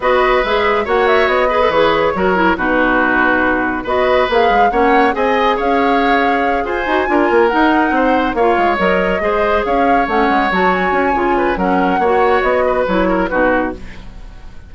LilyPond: <<
  \new Staff \with { instrumentName = "flute" } { \time 4/4 \tempo 4 = 140 dis''4 e''4 fis''8 e''8 dis''4 | cis''2 b'2~ | b'4 dis''4 f''4 fis''4 | gis''4 f''2~ f''8 gis''8~ |
gis''4. fis''2 f''8~ | f''8 dis''2 f''4 fis''8~ | fis''8 a''8 gis''2 fis''4~ | fis''4 dis''4 cis''4 b'4 | }
  \new Staff \with { instrumentName = "oboe" } { \time 4/4 b'2 cis''4. b'8~ | b'4 ais'4 fis'2~ | fis'4 b'2 cis''4 | dis''4 cis''2~ cis''8 c''8~ |
c''8 ais'2 c''4 cis''8~ | cis''4. c''4 cis''4.~ | cis''2~ cis''8 b'8 ais'4 | cis''4. b'4 ais'8 fis'4 | }
  \new Staff \with { instrumentName = "clarinet" } { \time 4/4 fis'4 gis'4 fis'4. gis'16 a'16 | gis'4 fis'8 e'8 dis'2~ | dis'4 fis'4 gis'4 cis'4 | gis'1 |
fis'8 f'4 dis'2 f'8~ | f'8 ais'4 gis'2 cis'8~ | cis'8 fis'4. f'4 cis'4 | fis'2 e'4 dis'4 | }
  \new Staff \with { instrumentName = "bassoon" } { \time 4/4 b4 gis4 ais4 b4 | e4 fis4 b,2~ | b,4 b4 ais8 gis8 ais4 | c'4 cis'2~ cis'8 f'8 |
dis'8 d'8 ais8 dis'4 c'4 ais8 | gis8 fis4 gis4 cis'4 a8 | gis8 fis4 cis'8 cis4 fis4 | ais4 b4 fis4 b,4 | }
>>